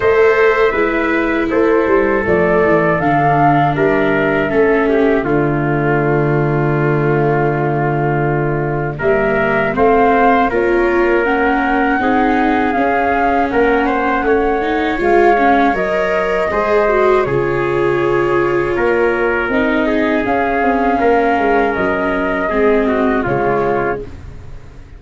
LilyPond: <<
  \new Staff \with { instrumentName = "flute" } { \time 4/4 \tempo 4 = 80 e''2 c''4 d''4 | f''4 e''2 d''4~ | d''1 | e''4 f''4 cis''4 fis''4~ |
fis''4 f''4 fis''2 | f''4 dis''2 cis''4~ | cis''2 dis''4 f''4~ | f''4 dis''2 cis''4 | }
  \new Staff \with { instrumentName = "trumpet" } { \time 4/4 c''4 b'4 a'2~ | a'4 ais'4 a'8 g'8 f'4~ | f'1 | ais'4 c''4 ais'2 |
gis'2 ais'8 c''8 cis''4~ | cis''2 c''4 gis'4~ | gis'4 ais'4. gis'4. | ais'2 gis'8 fis'8 f'4 | }
  \new Staff \with { instrumentName = "viola" } { \time 4/4 a'4 e'2 a4 | d'2 cis'4 a4~ | a1 | ais4 c'4 f'4 cis'4 |
dis'4 cis'2~ cis'8 dis'8 | f'8 cis'8 ais'4 gis'8 fis'8 f'4~ | f'2 dis'4 cis'4~ | cis'2 c'4 gis4 | }
  \new Staff \with { instrumentName = "tuba" } { \time 4/4 a4 gis4 a8 g8 f8 e8 | d4 g4 a4 d4~ | d1 | g4 a4 ais2 |
c'4 cis'4 ais4 a4 | gis4 fis4 gis4 cis4~ | cis4 ais4 c'4 cis'8 c'8 | ais8 gis8 fis4 gis4 cis4 | }
>>